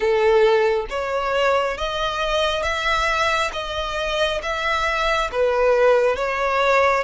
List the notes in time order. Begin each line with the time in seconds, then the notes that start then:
0.00 A4
0.89 C#5
1.77 D#5
2.62 E5
3.53 D#5
4.42 E5
5.31 B4
6.16 C#5